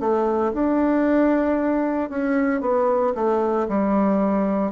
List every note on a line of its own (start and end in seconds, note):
0.00 0.53 A3
0.54 2.10 D4
2.10 2.61 C#4
2.61 3.14 B3
3.15 3.67 A3
3.68 4.72 G3